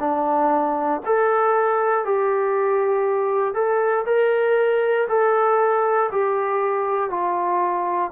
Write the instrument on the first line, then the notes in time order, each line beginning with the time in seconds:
trombone
0.00 D4
1.06 A4
2.05 G4
3.54 A4
4.06 A#4
5.08 A4
6.12 G4
7.10 F4